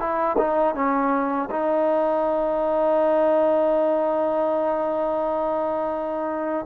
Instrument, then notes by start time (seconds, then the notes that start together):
trombone
0.00 E4
0.38 D#4
0.75 C#4
1.51 D#4